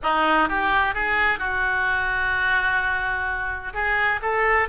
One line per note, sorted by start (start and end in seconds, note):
0.03 0.49 D#4
0.49 0.94 G4
0.94 1.38 G#4
1.38 3.73 F#4
3.73 4.20 G#4
4.22 4.68 A4